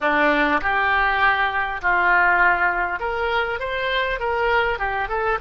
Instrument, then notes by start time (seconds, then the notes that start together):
oboe
0.00 D4
0.61 G4
1.81 F4
2.99 A#4
3.59 C5
4.19 A#4
4.78 G4
5.08 A4